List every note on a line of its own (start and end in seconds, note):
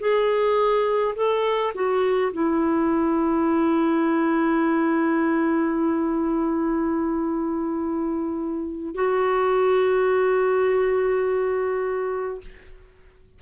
0.00 1.15 G#4
1.16 1.74 A4
1.75 2.32 F#4
2.33 8.95 E4
8.95 12.41 F#4